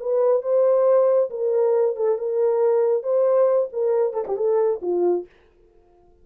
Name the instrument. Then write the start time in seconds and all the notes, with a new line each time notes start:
horn
0.00 B4
0.42 C5
1.30 A#4
1.96 A4
2.18 A#4
3.03 C5
3.73 A#4
4.13 A4
4.27 G4
4.37 A4
4.82 F4